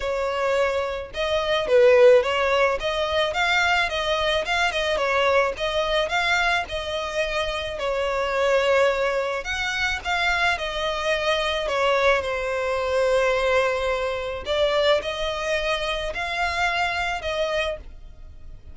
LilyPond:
\new Staff \with { instrumentName = "violin" } { \time 4/4 \tempo 4 = 108 cis''2 dis''4 b'4 | cis''4 dis''4 f''4 dis''4 | f''8 dis''8 cis''4 dis''4 f''4 | dis''2 cis''2~ |
cis''4 fis''4 f''4 dis''4~ | dis''4 cis''4 c''2~ | c''2 d''4 dis''4~ | dis''4 f''2 dis''4 | }